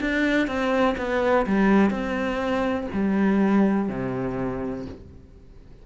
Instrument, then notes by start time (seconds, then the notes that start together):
cello
0.00 D4
0.47 C4
0.98 B3
1.46 G3
1.90 C4
2.93 G3
3.89 C3